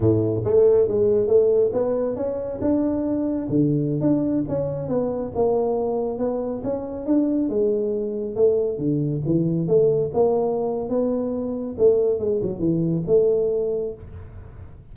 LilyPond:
\new Staff \with { instrumentName = "tuba" } { \time 4/4 \tempo 4 = 138 a,4 a4 gis4 a4 | b4 cis'4 d'2 | d4~ d16 d'4 cis'4 b8.~ | b16 ais2 b4 cis'8.~ |
cis'16 d'4 gis2 a8.~ | a16 d4 e4 a4 ais8.~ | ais4 b2 a4 | gis8 fis8 e4 a2 | }